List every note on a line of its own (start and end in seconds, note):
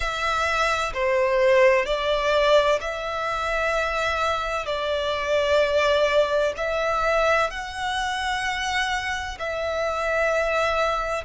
0.00 0.92 E5
0.93 1.85 C5
1.85 2.79 D5
2.80 4.65 E5
4.65 6.53 D5
6.56 7.50 E5
7.50 9.37 F#5
9.39 11.24 E5